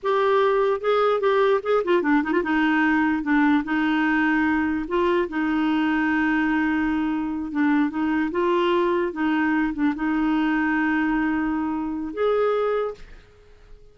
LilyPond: \new Staff \with { instrumentName = "clarinet" } { \time 4/4 \tempo 4 = 148 g'2 gis'4 g'4 | gis'8 f'8 d'8 dis'16 f'16 dis'2 | d'4 dis'2. | f'4 dis'2.~ |
dis'2~ dis'8 d'4 dis'8~ | dis'8 f'2 dis'4. | d'8 dis'2.~ dis'8~ | dis'2 gis'2 | }